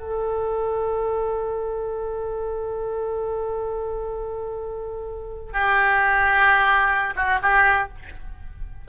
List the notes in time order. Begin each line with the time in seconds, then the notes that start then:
0.00 A4
5.53 G4
7.16 F#4
7.43 G4